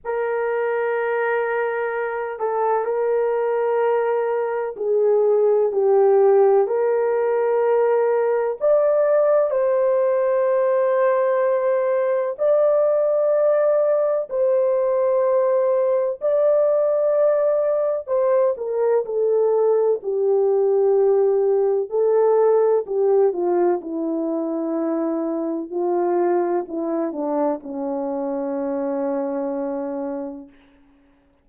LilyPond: \new Staff \with { instrumentName = "horn" } { \time 4/4 \tempo 4 = 63 ais'2~ ais'8 a'8 ais'4~ | ais'4 gis'4 g'4 ais'4~ | ais'4 d''4 c''2~ | c''4 d''2 c''4~ |
c''4 d''2 c''8 ais'8 | a'4 g'2 a'4 | g'8 f'8 e'2 f'4 | e'8 d'8 cis'2. | }